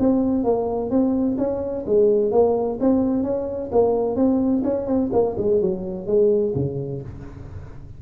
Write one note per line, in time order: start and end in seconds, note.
0.00 0.45 C4
0.45 0.91 A#3
0.91 1.37 C4
1.38 1.85 C#4
1.87 2.32 G#3
2.32 2.79 A#3
2.81 3.24 C4
3.24 3.71 C#4
3.72 4.16 A#3
4.16 4.63 C4
4.64 4.87 C#4
4.87 5.11 C4
5.13 5.37 A#3
5.38 5.61 G#3
5.61 6.07 F#3
6.07 6.54 G#3
6.56 7.02 C#3